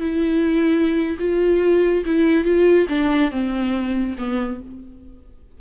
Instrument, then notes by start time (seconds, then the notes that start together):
viola
0.00 E4
1.19 F4
2.05 E4
2.44 F4
2.89 D4
3.31 C4
4.18 B3